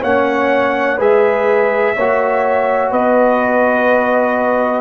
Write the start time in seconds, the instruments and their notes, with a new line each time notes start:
0.00 tuba A#3, trombone C#4, horn C#5, trumpet F#5
0.96 tuba G#3, trombone G#4, horn B4, trumpet E5
1.95 tuba A#3, trombone F#4, horn C#5
2.91 tuba B3, horn B4, trumpet D#5